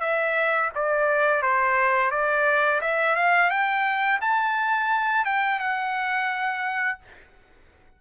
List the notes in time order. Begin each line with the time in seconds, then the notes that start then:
0.00 E5
0.75 D5
1.42 C5
2.11 D5
2.81 E5
3.16 F5
3.50 G5
4.21 A5
5.25 G5
5.59 F#5